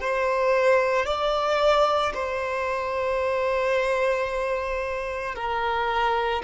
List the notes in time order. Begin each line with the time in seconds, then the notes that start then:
0.00 C5
1.06 D5
2.14 C5
5.35 A#4